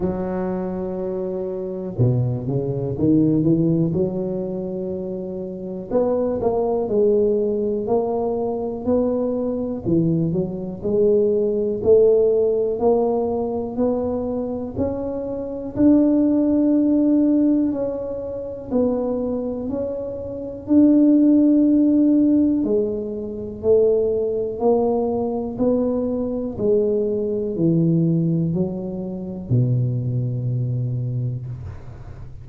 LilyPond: \new Staff \with { instrumentName = "tuba" } { \time 4/4 \tempo 4 = 61 fis2 b,8 cis8 dis8 e8 | fis2 b8 ais8 gis4 | ais4 b4 e8 fis8 gis4 | a4 ais4 b4 cis'4 |
d'2 cis'4 b4 | cis'4 d'2 gis4 | a4 ais4 b4 gis4 | e4 fis4 b,2 | }